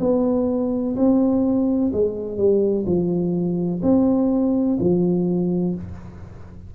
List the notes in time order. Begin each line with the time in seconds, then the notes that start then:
0.00 B3
0.96 C4
1.93 G#3
2.38 G3
2.86 F3
3.82 C4
4.79 F3